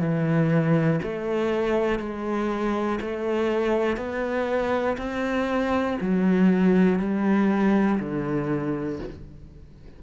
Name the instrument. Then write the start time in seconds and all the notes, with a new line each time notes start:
cello
0.00 E3
1.02 A3
1.99 G#3
3.00 A3
3.96 B3
4.97 C4
6.00 F#3
6.99 G3
7.99 D3